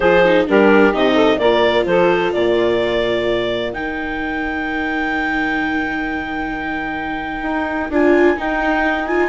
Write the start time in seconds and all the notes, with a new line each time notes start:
0.00 F3 F4 G#4 C5
0.25 D#4
0.47 G3 D4 G4 A#4
0.92 C3 D#4 D#5
1.14 A4
1.38 A#2 F4 A#4 D5
1.85 F3 A4 C5
2.32 A#2 A#4 D5
3.72 D#3 D#4 G5
7.42 D#4
7.89 D4 F4 G#5
8.36 D#4 G5
9.06 F4 G#5